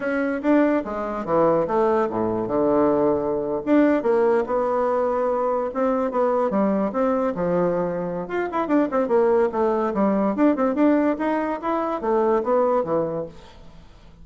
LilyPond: \new Staff \with { instrumentName = "bassoon" } { \time 4/4 \tempo 4 = 145 cis'4 d'4 gis4 e4 | a4 a,4 d2~ | d8. d'4 ais4 b4~ b16~ | b4.~ b16 c'4 b4 g16~ |
g8. c'4 f2~ f16 | f'8 e'8 d'8 c'8 ais4 a4 | g4 d'8 c'8 d'4 dis'4 | e'4 a4 b4 e4 | }